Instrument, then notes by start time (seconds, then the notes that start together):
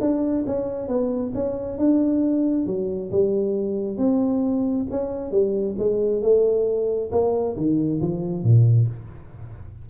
tuba
0.00 D4
0.46 C#4
0.88 B3
1.34 C#4
1.78 D4
2.66 F#3
3.11 G3
3.97 C4
4.90 C#4
5.31 G3
5.78 G#3
6.22 A3
7.11 A#3
7.56 D#3
8.01 F3
8.43 A#2